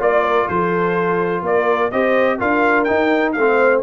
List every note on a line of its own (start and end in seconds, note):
0.00 0.48 A#3
0.00 1.92 F4
0.00 0.49 D5
0.00 0.24 D5
0.24 0.48 A#4
0.48 1.43 F3
0.48 1.44 A4
0.48 1.45 C5
1.43 1.91 A#3
1.43 1.93 A#4
1.43 1.91 D5
1.91 2.41 C4
1.91 2.40 G4
1.91 2.38 C5
1.91 2.39 D#5
2.38 2.89 D4
2.38 2.88 F4
2.38 3.34 A#4
2.38 2.84 F5
2.84 3.36 D#4
2.84 3.37 D#4
2.84 3.32 G5
3.33 3.83 A3
3.33 3.83 C4
3.33 3.81 F5
3.39 3.83 C5